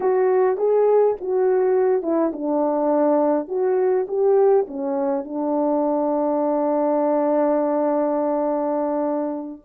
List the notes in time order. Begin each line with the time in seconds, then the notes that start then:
0.00 F#4
0.57 G#4
1.20 F#4
2.02 E4
2.32 D4
3.48 F#4
4.08 G4
4.67 C#4
5.24 D4